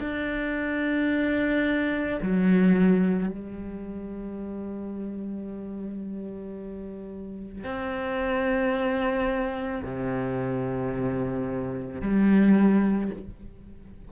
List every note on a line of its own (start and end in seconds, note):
0.00 2.18 D4
2.22 3.28 F#3
3.28 7.64 G3
7.64 9.82 C4
9.83 12.01 C3
12.01 13.10 G3